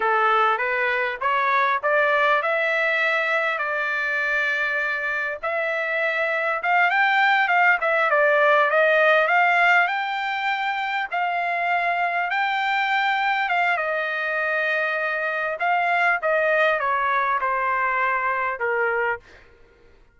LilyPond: \new Staff \with { instrumentName = "trumpet" } { \time 4/4 \tempo 4 = 100 a'4 b'4 cis''4 d''4 | e''2 d''2~ | d''4 e''2 f''8 g''8~ | g''8 f''8 e''8 d''4 dis''4 f''8~ |
f''8 g''2 f''4.~ | f''8 g''2 f''8 dis''4~ | dis''2 f''4 dis''4 | cis''4 c''2 ais'4 | }